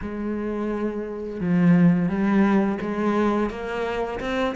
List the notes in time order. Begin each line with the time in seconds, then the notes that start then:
0.01 G#3
1.40 F3
2.08 G3
2.81 G#3
3.49 A#3
4.20 C4